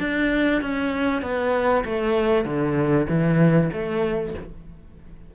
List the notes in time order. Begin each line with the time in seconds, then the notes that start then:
0.00 D4
0.62 C#4
1.23 B3
1.85 A3
2.45 D3
3.09 E3
3.73 A3